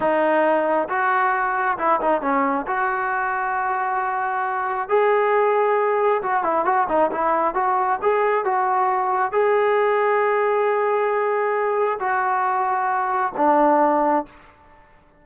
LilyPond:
\new Staff \with { instrumentName = "trombone" } { \time 4/4 \tempo 4 = 135 dis'2 fis'2 | e'8 dis'8 cis'4 fis'2~ | fis'2. gis'4~ | gis'2 fis'8 e'8 fis'8 dis'8 |
e'4 fis'4 gis'4 fis'4~ | fis'4 gis'2.~ | gis'2. fis'4~ | fis'2 d'2 | }